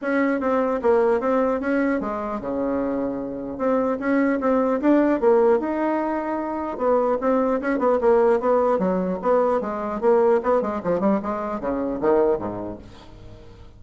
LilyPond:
\new Staff \with { instrumentName = "bassoon" } { \time 4/4 \tempo 4 = 150 cis'4 c'4 ais4 c'4 | cis'4 gis4 cis2~ | cis4 c'4 cis'4 c'4 | d'4 ais4 dis'2~ |
dis'4 b4 c'4 cis'8 b8 | ais4 b4 fis4 b4 | gis4 ais4 b8 gis8 f8 g8 | gis4 cis4 dis4 gis,4 | }